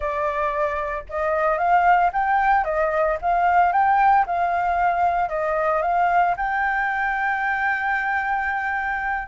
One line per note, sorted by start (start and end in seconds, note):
0.00 1.03 D5
1.09 1.57 D#5
1.57 2.10 F5
2.12 2.64 G5
2.64 3.17 D#5
3.21 3.72 F5
3.72 4.25 G5
4.26 5.29 F5
5.29 5.82 D#5
5.82 6.35 F5
6.36 9.28 G5